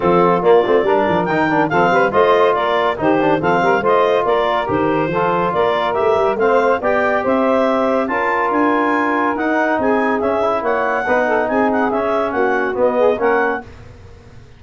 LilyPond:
<<
  \new Staff \with { instrumentName = "clarinet" } { \time 4/4 \tempo 4 = 141 a'4 d''2 g''4 | f''4 dis''4 d''4 c''4 | f''4 dis''4 d''4 c''4~ | c''4 d''4 e''4 f''4 |
g''4 e''2 a''4 | gis''2 fis''4 gis''4 | e''4 fis''2 gis''8 fis''8 | e''4 fis''4 dis''4 fis''4 | }
  \new Staff \with { instrumentName = "saxophone" } { \time 4/4 f'2 ais'2 | a'8 b'8 c''4 ais'4 g'4 | a'8 ais'8 c''4 ais'2 | a'4 ais'2 c''4 |
d''4 c''2 ais'4~ | ais'2. gis'4~ | gis'4 cis''4 b'8 a'8 gis'4~ | gis'4 fis'4. gis'8 ais'4 | }
  \new Staff \with { instrumentName = "trombone" } { \time 4/4 c'4 ais8 c'8 d'4 dis'8 d'8 | c'4 f'2 dis'8 d'8 | c'4 f'2 g'4 | f'2 g'4 c'4 |
g'2. f'4~ | f'2 dis'2 | cis'8 e'4. dis'2 | cis'2 b4 cis'4 | }
  \new Staff \with { instrumentName = "tuba" } { \time 4/4 f4 ais8 a8 g8 f8 dis4 | f8 g8 a4 ais4 dis4 | f8 g8 a4 ais4 dis4 | f4 ais4 a8 g8 a4 |
b4 c'2 cis'4 | d'2 dis'4 c'4 | cis'4 ais4 b4 c'4 | cis'4 ais4 b4 ais4 | }
>>